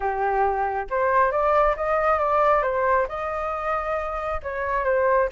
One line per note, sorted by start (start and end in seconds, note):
0.00 0.87 G4
0.89 1.31 C5
1.31 1.75 D5
1.76 2.18 D#5
2.18 2.62 D5
2.62 3.06 C5
3.08 4.41 D#5
4.43 4.84 C#5
4.84 5.28 C5